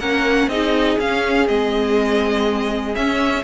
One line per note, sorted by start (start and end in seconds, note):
0.00 0.48 A#3
0.00 0.51 C#4
0.00 0.49 A#4
0.00 0.49 F#5
0.48 0.97 C4
0.48 1.00 D#4
0.48 3.44 G#4
0.48 0.98 D#5
0.99 1.48 C#4
0.99 1.48 F5
1.48 2.96 G#3
1.48 2.94 C4
1.48 2.95 D#5
2.94 3.43 C#4
2.94 3.44 C#4
2.94 3.44 E5